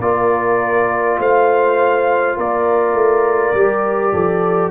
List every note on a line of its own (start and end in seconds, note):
0.00 1.18 A#3
0.00 3.55 F4
0.00 1.20 A#4
0.00 1.19 D5
1.19 2.37 A3
1.19 2.37 C5
1.19 2.39 F5
2.37 2.94 A#3
2.37 4.13 A#4
2.37 4.71 D5
2.94 3.53 A3
3.54 4.13 G3
3.54 4.71 G4
4.13 4.71 F3
4.13 4.71 A4